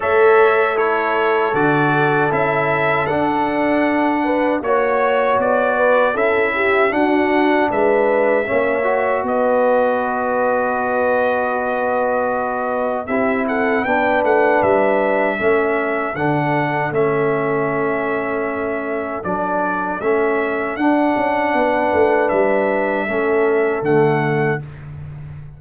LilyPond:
<<
  \new Staff \with { instrumentName = "trumpet" } { \time 4/4 \tempo 4 = 78 e''4 cis''4 d''4 e''4 | fis''2 cis''4 d''4 | e''4 fis''4 e''2 | dis''1~ |
dis''4 e''8 fis''8 g''8 fis''8 e''4~ | e''4 fis''4 e''2~ | e''4 d''4 e''4 fis''4~ | fis''4 e''2 fis''4 | }
  \new Staff \with { instrumentName = "horn" } { \time 4/4 cis''4 a'2.~ | a'4. b'8 cis''4. b'8 | a'8 g'8 fis'4 b'4 cis''4 | b'1~ |
b'4 g'8 a'8 b'2 | a'1~ | a'1 | b'2 a'2 | }
  \new Staff \with { instrumentName = "trombone" } { \time 4/4 a'4 e'4 fis'4 e'4 | d'2 fis'2 | e'4 d'2 cis'8 fis'8~ | fis'1~ |
fis'4 e'4 d'2 | cis'4 d'4 cis'2~ | cis'4 d'4 cis'4 d'4~ | d'2 cis'4 a4 | }
  \new Staff \with { instrumentName = "tuba" } { \time 4/4 a2 d4 cis'4 | d'2 ais4 b4 | cis'4 d'4 gis4 ais4 | b1~ |
b4 c'4 b8 a8 g4 | a4 d4 a2~ | a4 fis4 a4 d'8 cis'8 | b8 a8 g4 a4 d4 | }
>>